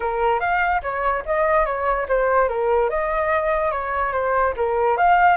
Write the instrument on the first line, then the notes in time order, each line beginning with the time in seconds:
flute
0.00 A#4
0.40 F5
0.82 C#5
1.25 D#5
1.65 C#5
2.08 C5
2.48 A#4
2.89 D#5
3.71 C#5
4.12 C5
4.56 A#4
4.97 F5